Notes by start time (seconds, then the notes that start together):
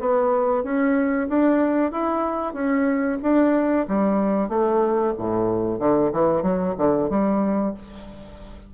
0.00 B3
0.64 C#4
1.29 D4
1.92 E4
2.54 C#4
3.23 D4
3.88 G3
4.49 A3
5.18 A2
5.79 D3
6.13 E3
6.43 F#3
6.78 D3
7.10 G3